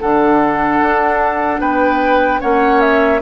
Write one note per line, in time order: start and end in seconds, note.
0.00 0.81 D3
0.00 2.40 D4
0.00 1.60 A4
0.00 1.60 F#5
0.81 1.60 D4
1.60 2.40 B3
1.60 2.40 B4
1.60 2.40 G5
2.40 3.21 A#3
2.40 3.20 C#4
2.40 3.20 C#5
2.40 2.80 F#5
2.80 3.20 E5